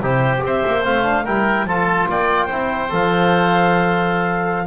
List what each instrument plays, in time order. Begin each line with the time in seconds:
0.00 double bass C3, trombone E4, oboe G4, clarinet C5
0.38 double bass C4, trombone G4
0.46 oboe C5, clarinet E5
0.67 double bass A#3
0.84 double bass A3, trombone C4, clarinet F5
1.03 trombone D4
1.25 double bass G3, trombone E4, oboe A#4, clarinet G5
1.65 double bass F3, trombone F4, oboe A4, clarinet A5
2.09 double bass A#3, oboe D5, clarinet G5
2.46 double bass C4, trombone E4, oboe C5
2.90 double bass F3, trombone A4, clarinet F5